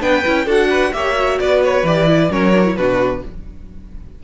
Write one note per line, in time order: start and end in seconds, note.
0.00 0.24 B3
0.00 0.23 D4
0.00 0.45 B4
0.00 0.47 G5
0.25 0.46 C#4
0.25 0.46 E4
0.45 0.92 D4
0.45 0.91 F#4
0.45 0.68 A4
0.45 0.93 F#5
0.69 0.92 B4
0.93 1.39 A#3
0.93 1.15 G4
0.93 1.39 C#5
0.93 1.38 E5
1.15 1.84 F#4
1.39 1.83 B3
1.39 2.30 B4
1.39 1.62 D5
1.64 1.86 C#5
1.83 2.29 E3
1.83 2.07 G4
1.83 2.31 D5
2.07 2.29 E4
2.29 2.76 F#3
2.29 2.52 C#4
2.29 2.76 A#4
2.29 2.76 C#5
2.54 2.64 D4
2.64 2.76 E4
2.76 3.22 B2
2.76 3.24 D4
2.76 3.23 F#4
2.76 3.22 B4